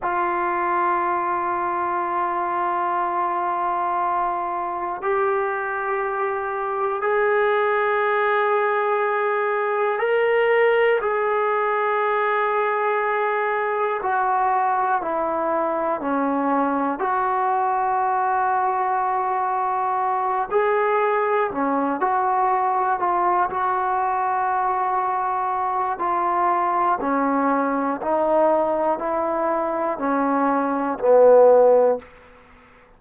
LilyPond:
\new Staff \with { instrumentName = "trombone" } { \time 4/4 \tempo 4 = 60 f'1~ | f'4 g'2 gis'4~ | gis'2 ais'4 gis'4~ | gis'2 fis'4 e'4 |
cis'4 fis'2.~ | fis'8 gis'4 cis'8 fis'4 f'8 fis'8~ | fis'2 f'4 cis'4 | dis'4 e'4 cis'4 b4 | }